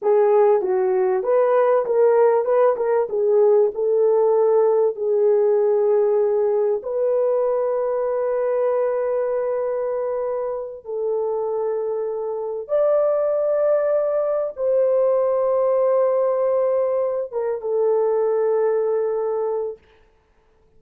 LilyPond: \new Staff \with { instrumentName = "horn" } { \time 4/4 \tempo 4 = 97 gis'4 fis'4 b'4 ais'4 | b'8 ais'8 gis'4 a'2 | gis'2. b'4~ | b'1~ |
b'4. a'2~ a'8~ | a'8 d''2. c''8~ | c''1 | ais'8 a'2.~ a'8 | }